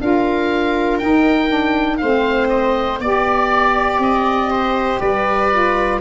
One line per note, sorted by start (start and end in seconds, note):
0.00 1.00 D4
0.00 1.00 F4
0.00 2.00 A#4
0.00 0.98 F5
0.98 1.48 D#4
0.98 2.01 D#4
0.98 1.97 G5
1.48 1.97 D4
1.97 2.99 A3
1.97 3.01 C4
1.97 3.00 C5
1.97 2.47 F5
2.49 2.99 D#5
2.99 3.98 B3
2.99 5.50 G4
2.99 4.00 D5
2.99 4.50 D5
3.98 4.98 C4
3.98 5.00 D#5
4.50 5.00 C5
5.00 6.00 G3
5.00 6.00 B4
5.00 6.00 D5
5.50 6.00 F4